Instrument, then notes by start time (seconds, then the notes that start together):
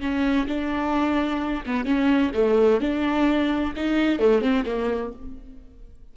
viola
0.00 C#4
0.47 D4
1.66 B3
1.85 C#4
2.34 A3
2.80 D4
3.75 D#4
4.19 A3
4.41 C4
4.66 A#3